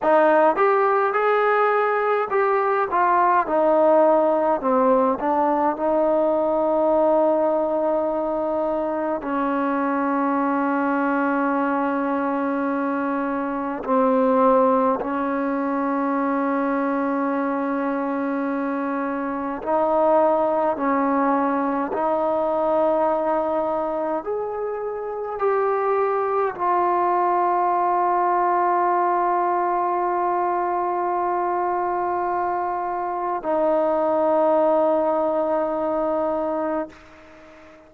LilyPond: \new Staff \with { instrumentName = "trombone" } { \time 4/4 \tempo 4 = 52 dis'8 g'8 gis'4 g'8 f'8 dis'4 | c'8 d'8 dis'2. | cis'1 | c'4 cis'2.~ |
cis'4 dis'4 cis'4 dis'4~ | dis'4 gis'4 g'4 f'4~ | f'1~ | f'4 dis'2. | }